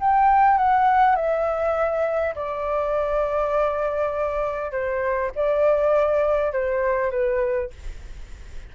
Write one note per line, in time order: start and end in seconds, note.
0.00 0.58 G5
0.58 1.16 F#5
1.16 2.34 E5
2.35 4.72 D5
4.72 5.31 C5
5.35 6.52 D5
6.52 7.11 C5
7.11 7.70 B4